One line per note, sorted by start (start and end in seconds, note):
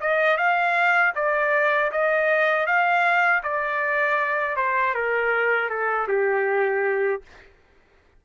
0.00 0.37 D#5
0.37 1.13 F5
1.15 1.91 D5
1.92 2.66 D#5
2.66 3.42 F5
3.43 4.56 D5
4.56 4.94 C5
4.94 5.70 A#4
5.70 6.08 A4
6.08 7.22 G4